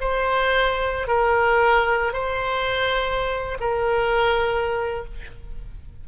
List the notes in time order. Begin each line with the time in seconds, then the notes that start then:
0.00 C5
1.07 A#4
2.13 C5
3.60 A#4